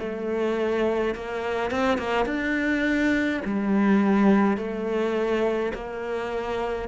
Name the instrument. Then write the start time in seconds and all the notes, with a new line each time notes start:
cello
0.00 A3
1.15 A#3
1.71 C4
1.99 A#3
2.26 D4
3.45 G3
4.58 A3
5.74 A#3